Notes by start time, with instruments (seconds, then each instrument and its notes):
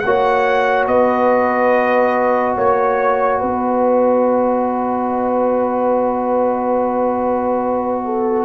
0.00 tuba A#3, trombone F#4, horn C#5, trumpet F#5
0.87 tuba B3, horn B4, trumpet D#5
2.56 tuba A#3, horn C#5, trumpet C#5
3.40 tuba B3, horn B4, trumpet D#5
8.05 horn A4